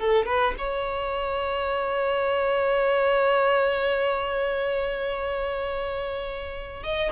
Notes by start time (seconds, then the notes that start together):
0.00 A4
0.26 B4
0.58 C#5
6.84 D#5